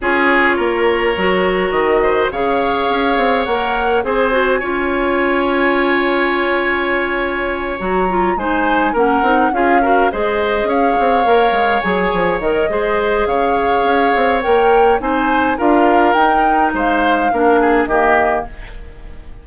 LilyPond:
<<
  \new Staff \with { instrumentName = "flute" } { \time 4/4 \tempo 4 = 104 cis''2. dis''4 | f''2 fis''4 gis''4~ | gis''1~ | gis''4. ais''4 gis''4 fis''8~ |
fis''8 f''4 dis''4 f''4.~ | f''8 gis''4 dis''4. f''4~ | f''4 g''4 gis''4 f''4 | g''4 f''2 dis''4 | }
  \new Staff \with { instrumentName = "oboe" } { \time 4/4 gis'4 ais'2~ ais'8 c''8 | cis''2. c''4 | cis''1~ | cis''2~ cis''8 c''4 ais'8~ |
ais'8 gis'8 ais'8 c''4 cis''4.~ | cis''2 c''4 cis''4~ | cis''2 c''4 ais'4~ | ais'4 c''4 ais'8 gis'8 g'4 | }
  \new Staff \with { instrumentName = "clarinet" } { \time 4/4 f'2 fis'2 | gis'2 ais'4 gis'8 fis'8 | f'1~ | f'4. fis'8 f'8 dis'4 cis'8 |
dis'8 f'8 fis'8 gis'2 ais'8~ | ais'8 gis'4 ais'8 gis'2~ | gis'4 ais'4 dis'4 f'4 | dis'2 d'4 ais4 | }
  \new Staff \with { instrumentName = "bassoon" } { \time 4/4 cis'4 ais4 fis4 dis4 | cis4 cis'8 c'8 ais4 c'4 | cis'1~ | cis'4. fis4 gis4 ais8 |
c'8 cis'4 gis4 cis'8 c'8 ais8 | gis8 fis8 f8 dis8 gis4 cis4 | cis'8 c'8 ais4 c'4 d'4 | dis'4 gis4 ais4 dis4 | }
>>